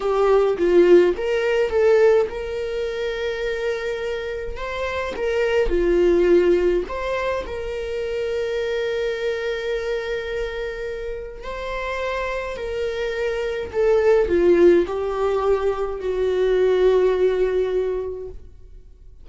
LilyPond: \new Staff \with { instrumentName = "viola" } { \time 4/4 \tempo 4 = 105 g'4 f'4 ais'4 a'4 | ais'1 | c''4 ais'4 f'2 | c''4 ais'2.~ |
ais'1 | c''2 ais'2 | a'4 f'4 g'2 | fis'1 | }